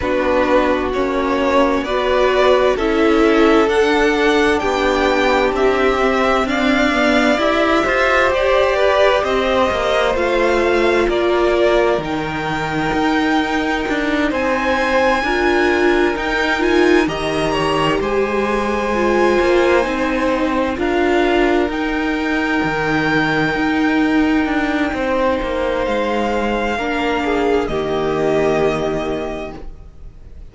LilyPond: <<
  \new Staff \with { instrumentName = "violin" } { \time 4/4 \tempo 4 = 65 b'4 cis''4 d''4 e''4 | fis''4 g''4 e''4 f''4 | e''4 d''4 dis''4 f''4 | d''4 g''2~ g''8 gis''8~ |
gis''4. g''8 gis''8 ais''4 gis''8~ | gis''2~ gis''8 f''4 g''8~ | g''1 | f''2 dis''2 | }
  \new Staff \with { instrumentName = "violin" } { \time 4/4 fis'2 b'4 a'4~ | a'4 g'2 d''4~ | d''8 c''4 b'8 c''2 | ais'2.~ ais'8 c''8~ |
c''8 ais'2 dis''8 cis''8 c''8~ | c''2~ c''8 ais'4.~ | ais'2. c''4~ | c''4 ais'8 gis'8 g'2 | }
  \new Staff \with { instrumentName = "viola" } { \time 4/4 d'4 cis'4 fis'4 e'4 | d'2~ d'8 c'4 b8 | g'2. f'4~ | f'4 dis'2.~ |
dis'8 f'4 dis'8 f'8 g'4.~ | g'8 f'4 dis'4 f'4 dis'8~ | dis'1~ | dis'4 d'4 ais2 | }
  \new Staff \with { instrumentName = "cello" } { \time 4/4 b4 ais4 b4 cis'4 | d'4 b4 c'4 d'4 | e'8 f'8 g'4 c'8 ais8 a4 | ais4 dis4 dis'4 d'8 c'8~ |
c'8 d'4 dis'4 dis4 gis8~ | gis4 ais8 c'4 d'4 dis'8~ | dis'8 dis4 dis'4 d'8 c'8 ais8 | gis4 ais4 dis2 | }
>>